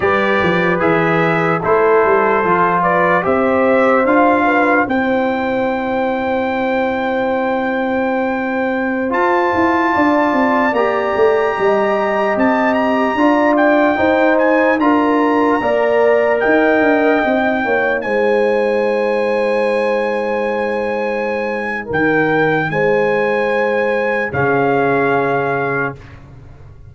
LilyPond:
<<
  \new Staff \with { instrumentName = "trumpet" } { \time 4/4 \tempo 4 = 74 d''4 e''4 c''4. d''8 | e''4 f''4 g''2~ | g''2.~ g''16 a''8.~ | a''4~ a''16 ais''2 a''8 ais''16~ |
ais''8. g''4 gis''8 ais''4.~ ais''16~ | ais''16 g''2 gis''4.~ gis''16~ | gis''2. g''4 | gis''2 f''2 | }
  \new Staff \with { instrumentName = "horn" } { \time 4/4 b'2 a'4. b'8 | c''4. b'8 c''2~ | c''1~ | c''16 d''2 dis''4.~ dis''16~ |
dis''16 d''4 c''4 ais'4 d''8.~ | d''16 dis''4. cis''8 c''4.~ c''16~ | c''2. ais'4 | c''2 gis'2 | }
  \new Staff \with { instrumentName = "trombone" } { \time 4/4 g'4 gis'4 e'4 f'4 | g'4 f'4 e'2~ | e'2.~ e'16 f'8.~ | f'4~ f'16 g'2~ g'8.~ |
g'16 f'4 dis'4 f'4 ais'8.~ | ais'4~ ais'16 dis'2~ dis'8.~ | dis'1~ | dis'2 cis'2 | }
  \new Staff \with { instrumentName = "tuba" } { \time 4/4 g8 f8 e4 a8 g8 f4 | c'4 d'4 c'2~ | c'2.~ c'16 f'8 e'16~ | e'16 d'8 c'8 ais8 a8 g4 c'8.~ |
c'16 d'4 dis'4 d'4 ais8.~ | ais16 dis'8 d'8 c'8 ais8 gis4.~ gis16~ | gis2. dis4 | gis2 cis2 | }
>>